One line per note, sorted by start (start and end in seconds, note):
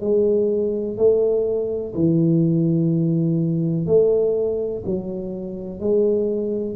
0.00 0.97 G#3
0.97 1.94 A3
1.94 3.86 E3
3.86 4.83 A3
4.85 5.80 F#3
5.80 6.75 G#3